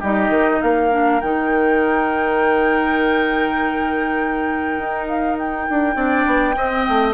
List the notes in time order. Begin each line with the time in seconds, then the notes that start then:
0.00 G3 D#4 G4 D#5
0.29 D#3
0.62 A#3 A#4 F5
0.91 D4
1.21 D#3 D#4 G5
4.79 D#4
5.08 F5
5.39 G5
5.70 D4
5.95 C4 D4 D5
6.26 B3
6.56 C4 D#5
6.89 A3